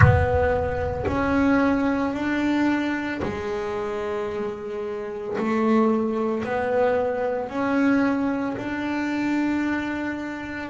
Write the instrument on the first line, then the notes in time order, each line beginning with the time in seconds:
double bass
0.00 B3
1.07 C#4
2.13 D4
3.22 G#3
5.37 A3
6.43 B3
7.49 C#4
8.57 D4